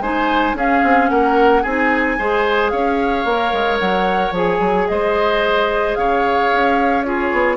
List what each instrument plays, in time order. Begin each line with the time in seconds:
0.00 bassoon G#3, clarinet D#4, oboe C5, flute G#5
0.54 bassoon C#4, clarinet C#4, oboe G#4, flute F5
0.84 bassoon C4
1.09 bassoon A#3, oboe A#4, flute F#5
1.63 bassoon C4, clarinet D#4, oboe G#4, flute G#5
2.19 bassoon G#3, clarinet G#4, oboe C5
2.70 bassoon C#4, oboe C#5, flute F5
3.25 bassoon A#3, clarinet A#4
3.53 bassoon G#3
3.80 bassoon F#3, flute F#5
4.32 bassoon F3, clarinet G#4, flute G#5
4.60 bassoon F#3
4.88 bassoon G#3, oboe C5, flute D#5
5.95 bassoon C#3, oboe C#5, flute F5
6.52 bassoon C#4
7.03 clarinet F4, oboe G#4, flute C#5
7.33 bassoon B3